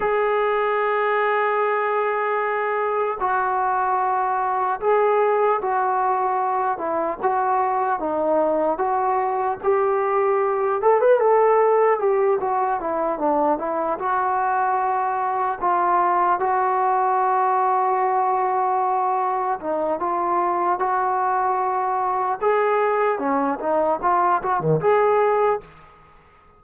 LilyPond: \new Staff \with { instrumentName = "trombone" } { \time 4/4 \tempo 4 = 75 gis'1 | fis'2 gis'4 fis'4~ | fis'8 e'8 fis'4 dis'4 fis'4 | g'4. a'16 b'16 a'4 g'8 fis'8 |
e'8 d'8 e'8 fis'2 f'8~ | f'8 fis'2.~ fis'8~ | fis'8 dis'8 f'4 fis'2 | gis'4 cis'8 dis'8 f'8 fis'16 dis16 gis'4 | }